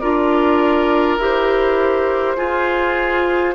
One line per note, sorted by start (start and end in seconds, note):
0.00 1.18 D4
0.00 1.20 F4
0.00 2.36 A#4
0.00 1.18 D5
1.18 2.36 E4
1.18 2.37 G4
1.18 3.55 C5
2.37 3.55 F4
2.37 3.55 G#4